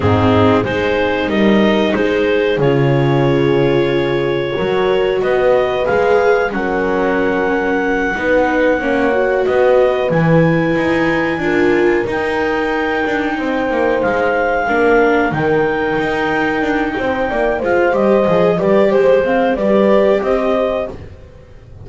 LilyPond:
<<
  \new Staff \with { instrumentName = "clarinet" } { \time 4/4 \tempo 4 = 92 gis'4 c''4 dis''4 c''4 | cis''1 | dis''4 f''4 fis''2~ | fis''2~ fis''8 dis''4 gis''8~ |
gis''2~ gis''8 g''4.~ | g''4. f''2 g''8~ | g''2. f''8 dis''8~ | dis''8 d''8 c''4 d''4 dis''4 | }
  \new Staff \with { instrumentName = "horn" } { \time 4/4 dis'4 gis'4 ais'4 gis'4~ | gis'2. ais'4 | b'2 ais'2~ | ais'8 b'4 cis''4 b'4.~ |
b'4. ais'2~ ais'8~ | ais'8 c''2 ais'4.~ | ais'2 c''8 d''8 c''4~ | c''8 b'8 c''8 f''8 b'4 c''4 | }
  \new Staff \with { instrumentName = "viola" } { \time 4/4 c'4 dis'2. | f'2. fis'4~ | fis'4 gis'4 cis'2~ | cis'8 dis'4 cis'8 fis'4. e'8~ |
e'4. f'4 dis'4.~ | dis'2~ dis'8 d'4 dis'8~ | dis'2. f'8 g'8 | gis'8 g'4 c'8 g'2 | }
  \new Staff \with { instrumentName = "double bass" } { \time 4/4 gis,4 gis4 g4 gis4 | cis2. fis4 | b4 gis4 fis2~ | fis8 b4 ais4 b4 e8~ |
e8 dis'4 d'4 dis'4. | d'8 c'8 ais8 gis4 ais4 dis8~ | dis8 dis'4 d'8 c'8 ais8 gis8 g8 | f8 g8 gis4 g4 c'4 | }
>>